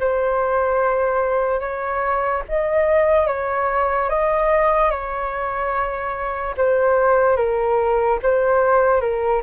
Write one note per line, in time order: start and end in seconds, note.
0.00 1.61 C5
1.61 2.43 C#5
2.49 3.27 D#5
3.27 4.09 C#5
4.09 4.91 D#5
4.91 6.55 C#5
6.57 7.37 C5
7.37 8.19 A#4
8.23 9.01 C5
9.01 9.42 A#4